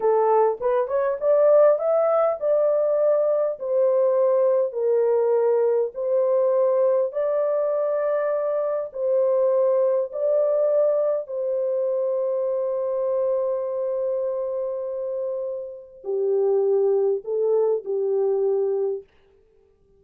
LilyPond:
\new Staff \with { instrumentName = "horn" } { \time 4/4 \tempo 4 = 101 a'4 b'8 cis''8 d''4 e''4 | d''2 c''2 | ais'2 c''2 | d''2. c''4~ |
c''4 d''2 c''4~ | c''1~ | c''2. g'4~ | g'4 a'4 g'2 | }